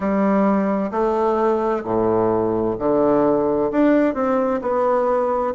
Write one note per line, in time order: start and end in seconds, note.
0.00 0.91 G3
0.91 1.83 A3
1.83 2.76 A2
2.79 3.71 D3
3.71 4.14 D4
4.14 4.60 C4
4.62 5.54 B3